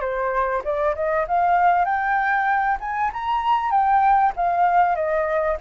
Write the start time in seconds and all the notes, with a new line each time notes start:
0.00 C5
0.64 D5
0.95 D#5
1.27 F5
1.84 G5
2.80 G#5
3.13 A#5
3.71 G5
4.36 F5
4.95 D#5